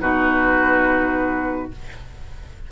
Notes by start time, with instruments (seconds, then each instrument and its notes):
0.00 bassoon B2, clarinet D#4, oboe F#4, flute B4